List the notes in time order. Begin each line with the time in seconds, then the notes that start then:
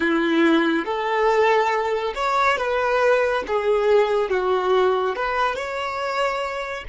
0.00 E4
0.85 A4
2.14 C#5
2.57 B4
3.47 G#4
4.29 F#4
5.15 B4
5.55 C#5